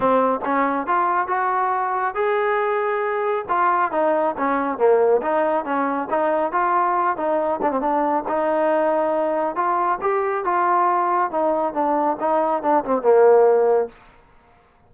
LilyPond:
\new Staff \with { instrumentName = "trombone" } { \time 4/4 \tempo 4 = 138 c'4 cis'4 f'4 fis'4~ | fis'4 gis'2. | f'4 dis'4 cis'4 ais4 | dis'4 cis'4 dis'4 f'4~ |
f'8 dis'4 d'16 c'16 d'4 dis'4~ | dis'2 f'4 g'4 | f'2 dis'4 d'4 | dis'4 d'8 c'8 ais2 | }